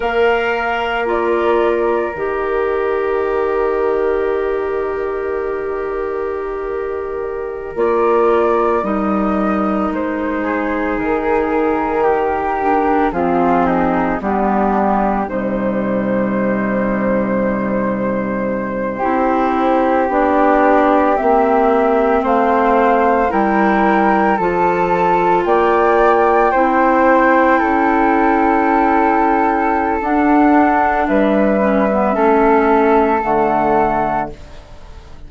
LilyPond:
<<
  \new Staff \with { instrumentName = "flute" } { \time 4/4 \tempo 4 = 56 f''4 d''4 dis''2~ | dis''2.~ dis''16 d''8.~ | d''16 dis''4 c''4 ais'4.~ ais'16~ | ais'16 gis'4 g'4 c''4.~ c''16~ |
c''2~ c''8. d''4 e''16~ | e''8. f''4 g''4 a''4 g''16~ | g''1 | fis''4 e''2 fis''4 | }
  \new Staff \with { instrumentName = "flute" } { \time 4/4 ais'1~ | ais'1~ | ais'4.~ ais'16 gis'4. g'8.~ | g'16 f'8 dis'8 d'4 dis'4.~ dis'16~ |
dis'4.~ dis'16 g'2~ g'16~ | g'8. c''4 ais'4 a'4 d''16~ | d''8. c''4 a'2~ a'16~ | a'4 b'4 a'2 | }
  \new Staff \with { instrumentName = "clarinet" } { \time 4/4 ais'4 f'4 g'2~ | g'2.~ g'16 f'8.~ | f'16 dis'2.~ dis'8 d'16~ | d'16 c'4 b4 g4.~ g16~ |
g4.~ g16 e'4 d'4 c'16~ | c'4.~ c'16 e'4 f'4~ f'16~ | f'8. e'2.~ e'16 | d'4. cis'16 b16 cis'4 a4 | }
  \new Staff \with { instrumentName = "bassoon" } { \time 4/4 ais2 dis2~ | dis2.~ dis16 ais8.~ | ais16 g4 gis4 dis4.~ dis16~ | dis16 f4 g4 c4.~ c16~ |
c4.~ c16 c'4 b4 ais16~ | ais8. a4 g4 f4 ais16~ | ais8. c'4 cis'2~ cis'16 | d'4 g4 a4 d4 | }
>>